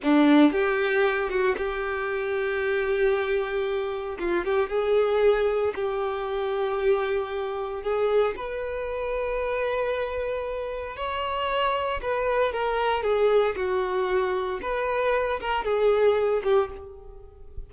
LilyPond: \new Staff \with { instrumentName = "violin" } { \time 4/4 \tempo 4 = 115 d'4 g'4. fis'8 g'4~ | g'1 | f'8 g'8 gis'2 g'4~ | g'2. gis'4 |
b'1~ | b'4 cis''2 b'4 | ais'4 gis'4 fis'2 | b'4. ais'8 gis'4. g'8 | }